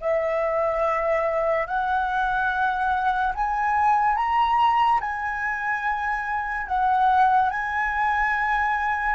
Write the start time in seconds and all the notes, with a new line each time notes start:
0.00 E5
1.66 F#5
3.34 G#5
4.16 A#5
5.00 G#5
6.66 F#5
7.50 G#5